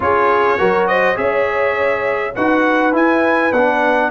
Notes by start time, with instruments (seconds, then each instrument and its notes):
0.00 tuba C#4, trombone F4, horn G#4, trumpet C#5
0.57 tuba F#3, trombone F#4, horn A#4
0.87 horn C5, trumpet D#5
1.15 tuba C#4, trombone G#4, horn C#5, trumpet E5
2.35 tuba D#4, trombone F#4, horn B4, trumpet F#5
2.92 trombone E4, tuba E4, trumpet G#5
3.52 tuba B3, trombone D4, trumpet F#5